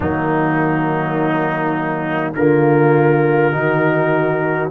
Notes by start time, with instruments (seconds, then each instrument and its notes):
0.00 tuba D#3, trombone F#3, horn A#3, trumpet D#4
2.34 tuba D3, trombone A#3, horn F4, trumpet A#4
3.52 tuba D#3, trombone D#4, horn F#4